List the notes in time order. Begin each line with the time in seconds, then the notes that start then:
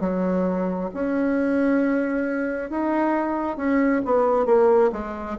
0.00 F#3
0.93 C#4
2.70 D#4
3.57 C#4
4.05 B3
4.45 A#3
4.92 G#3